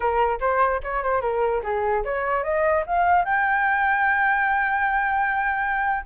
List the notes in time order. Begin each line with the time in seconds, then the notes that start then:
0.00 A#4
0.40 C5
0.83 C#5
1.03 C5
1.21 A#4
1.63 G#4
2.04 C#5
2.43 D#5
2.86 F5
3.24 G5